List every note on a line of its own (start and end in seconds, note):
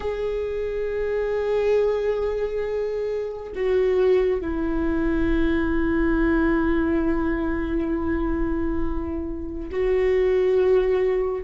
0.00 3.52 G#4
3.55 4.40 F#4
4.40 9.70 E4
9.70 11.43 F#4